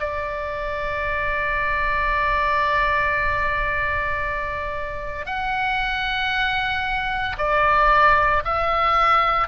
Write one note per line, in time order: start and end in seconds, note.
0.00 5.26 D5
5.26 7.36 F#5
7.38 8.43 D5
8.45 9.48 E5